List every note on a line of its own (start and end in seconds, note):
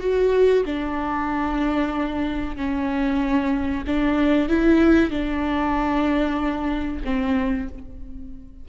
0.00 0.64 F#4
0.66 2.56 D4
2.56 3.84 C#4
3.87 4.49 D4
4.49 5.11 E4
5.11 7.02 D4
7.05 7.69 C4